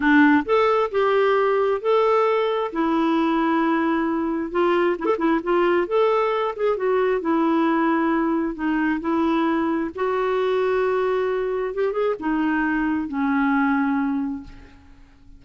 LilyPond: \new Staff \with { instrumentName = "clarinet" } { \time 4/4 \tempo 4 = 133 d'4 a'4 g'2 | a'2 e'2~ | e'2 f'4 e'16 a'16 e'8 | f'4 a'4. gis'8 fis'4 |
e'2. dis'4 | e'2 fis'2~ | fis'2 g'8 gis'8 dis'4~ | dis'4 cis'2. | }